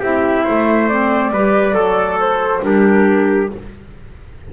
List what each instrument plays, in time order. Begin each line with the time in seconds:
0.00 double bass C4, clarinet E4, trumpet G4, flute E5
0.44 double bass A3, trumpet C5
0.88 clarinet C4, flute D5
1.31 double bass G3, clarinet G4, trumpet B4
1.72 double bass F#3, clarinet A4, trumpet A4
2.20 flute C5
2.62 double bass G3, clarinet D4, trumpet G4, flute A#4